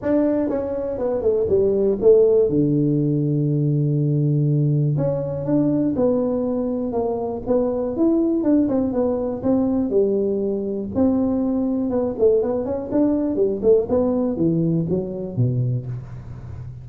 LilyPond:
\new Staff \with { instrumentName = "tuba" } { \time 4/4 \tempo 4 = 121 d'4 cis'4 b8 a8 g4 | a4 d2.~ | d2 cis'4 d'4 | b2 ais4 b4 |
e'4 d'8 c'8 b4 c'4 | g2 c'2 | b8 a8 b8 cis'8 d'4 g8 a8 | b4 e4 fis4 b,4 | }